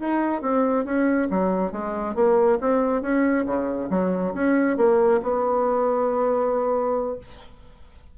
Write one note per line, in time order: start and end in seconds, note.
0.00 0.42 D#4
0.42 0.85 C4
0.85 1.28 C#4
1.30 1.72 F#3
1.72 2.15 G#3
2.15 2.59 A#3
2.61 3.02 C4
3.02 3.45 C#4
3.46 3.89 C#3
3.90 4.33 F#3
4.34 4.77 C#4
4.77 5.21 A#3
5.23 7.18 B3